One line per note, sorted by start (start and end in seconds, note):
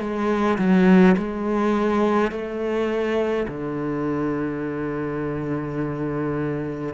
0.00 0.58 G#3
0.58 1.16 F#3
1.17 2.31 G#3
2.31 3.47 A3
3.48 6.94 D3